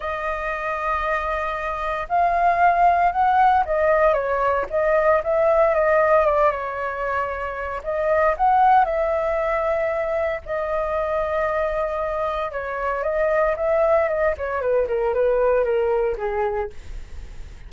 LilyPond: \new Staff \with { instrumentName = "flute" } { \time 4/4 \tempo 4 = 115 dis''1 | f''2 fis''4 dis''4 | cis''4 dis''4 e''4 dis''4 | d''8 cis''2~ cis''8 dis''4 |
fis''4 e''2. | dis''1 | cis''4 dis''4 e''4 dis''8 cis''8 | b'8 ais'8 b'4 ais'4 gis'4 | }